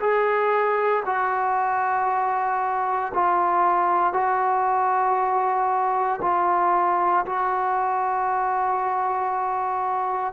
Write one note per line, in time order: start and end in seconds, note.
0.00 1.03 G#4
1.06 3.13 F#4
3.14 4.13 F4
4.13 6.20 F#4
6.22 7.25 F4
7.26 10.33 F#4